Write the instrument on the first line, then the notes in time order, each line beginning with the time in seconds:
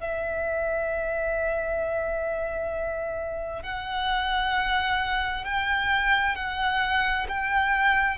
violin
0.00 E5
3.62 F#5
5.44 G5
6.36 F#5
7.29 G5